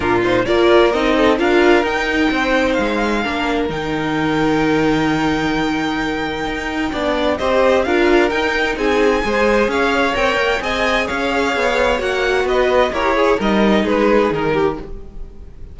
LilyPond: <<
  \new Staff \with { instrumentName = "violin" } { \time 4/4 \tempo 4 = 130 ais'8 c''8 d''4 dis''4 f''4 | g''2 f''2 | g''1~ | g''1 |
dis''4 f''4 g''4 gis''4~ | gis''4 f''4 g''4 gis''4 | f''2 fis''4 dis''4 | cis''4 dis''4 b'4 ais'4 | }
  \new Staff \with { instrumentName = "violin" } { \time 4/4 f'4 ais'4. a'8 ais'4~ | ais'4 c''2 ais'4~ | ais'1~ | ais'2. d''4 |
c''4 ais'2 gis'4 | c''4 cis''2 dis''4 | cis''2. b'4 | ais'8 gis'8 ais'4 gis'4. g'8 | }
  \new Staff \with { instrumentName = "viola" } { \time 4/4 d'8 dis'8 f'4 dis'4 f'4 | dis'2. d'4 | dis'1~ | dis'2. d'4 |
g'4 f'4 dis'2 | gis'2 ais'4 gis'4~ | gis'2 fis'2 | g'8 gis'8 dis'2. | }
  \new Staff \with { instrumentName = "cello" } { \time 4/4 ais,4 ais4 c'4 d'4 | dis'4 c'4 gis4 ais4 | dis1~ | dis2 dis'4 b4 |
c'4 d'4 dis'4 c'4 | gis4 cis'4 c'8 ais8 c'4 | cis'4 b4 ais4 b4 | e'4 g4 gis4 dis4 | }
>>